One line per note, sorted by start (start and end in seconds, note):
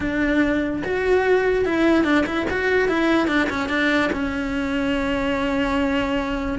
0.00 0.82 D4
0.84 1.65 F#4
1.65 2.04 E4
2.04 2.24 D4
2.26 2.46 E4
2.49 2.88 F#4
2.88 3.27 E4
3.27 3.48 D4
3.49 3.69 C#4
3.69 4.10 D4
4.12 6.59 C#4